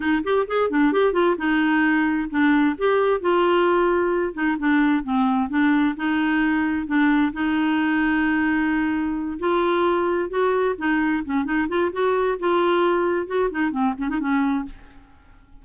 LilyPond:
\new Staff \with { instrumentName = "clarinet" } { \time 4/4 \tempo 4 = 131 dis'8 g'8 gis'8 d'8 g'8 f'8 dis'4~ | dis'4 d'4 g'4 f'4~ | f'4. dis'8 d'4 c'4 | d'4 dis'2 d'4 |
dis'1~ | dis'8 f'2 fis'4 dis'8~ | dis'8 cis'8 dis'8 f'8 fis'4 f'4~ | f'4 fis'8 dis'8 c'8 cis'16 dis'16 cis'4 | }